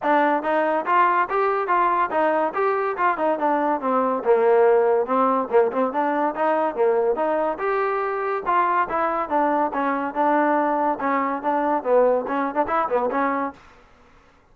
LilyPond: \new Staff \with { instrumentName = "trombone" } { \time 4/4 \tempo 4 = 142 d'4 dis'4 f'4 g'4 | f'4 dis'4 g'4 f'8 dis'8 | d'4 c'4 ais2 | c'4 ais8 c'8 d'4 dis'4 |
ais4 dis'4 g'2 | f'4 e'4 d'4 cis'4 | d'2 cis'4 d'4 | b4 cis'8. d'16 e'8 b8 cis'4 | }